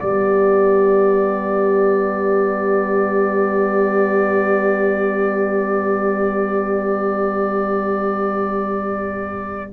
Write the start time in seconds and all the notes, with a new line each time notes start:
0.00 G3 B3 G4 D5